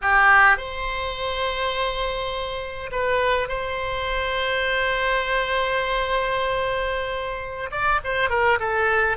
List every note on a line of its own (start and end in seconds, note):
0.01 0.57 G4
0.57 2.90 C5
2.91 3.48 B4
3.48 7.70 C5
7.71 8.00 D5
8.04 8.29 C5
8.29 8.58 A#4
8.59 9.17 A4